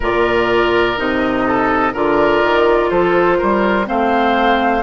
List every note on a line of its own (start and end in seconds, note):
0.00 0.97 A#2
0.00 0.96 F4
0.00 1.44 A#4
0.00 0.98 D5
0.96 1.93 C3
0.96 1.93 D#4
0.96 1.95 D#5
1.47 1.93 A4
1.93 2.42 D3
1.93 3.85 F4
1.93 2.90 A#4
1.93 2.89 D5
2.42 2.90 D#3
2.89 3.39 F3
2.89 3.37 A4
2.89 3.86 C5
3.37 3.88 G3
3.37 3.86 A#4
3.85 4.82 A3
3.85 4.82 C4
3.85 4.82 C5
3.85 4.82 F5